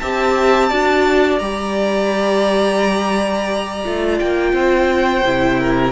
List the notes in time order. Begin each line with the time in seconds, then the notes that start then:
0.00 C4 G4 E5 A5
0.69 D4 F#4 D5
1.39 G3 G4 A#5
3.85 A3 F4
4.20 A#3 G5
4.53 C4 C5
5.25 C3 E4
5.60 A#4